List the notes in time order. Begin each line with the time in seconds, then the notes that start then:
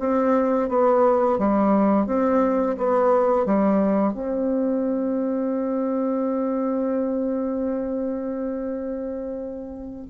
0.00 C4
0.69 B3
1.39 G3
2.07 C4
2.78 B3
3.46 G3
4.14 C4